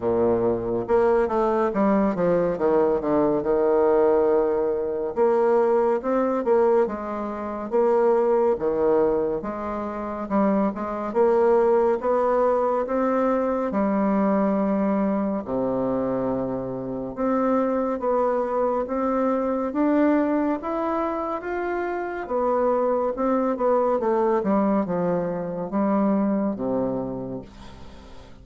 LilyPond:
\new Staff \with { instrumentName = "bassoon" } { \time 4/4 \tempo 4 = 70 ais,4 ais8 a8 g8 f8 dis8 d8 | dis2 ais4 c'8 ais8 | gis4 ais4 dis4 gis4 | g8 gis8 ais4 b4 c'4 |
g2 c2 | c'4 b4 c'4 d'4 | e'4 f'4 b4 c'8 b8 | a8 g8 f4 g4 c4 | }